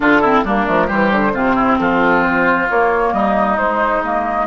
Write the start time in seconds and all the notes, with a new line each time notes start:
0.00 D3 D4 F4 A4
0.21 C4 E4
0.44 G3 A#3 D4 A#4
0.66 F3 A3
0.87 E3 G3 G4 C5
1.11 D3
1.33 C3 C4 F4
1.55 E4
1.78 F3 F4 A4
2.23 C5
2.70 A#3 C#5
3.12 G3 D#4 D#5
3.58 G#3 C5
4.03 A#3 D#5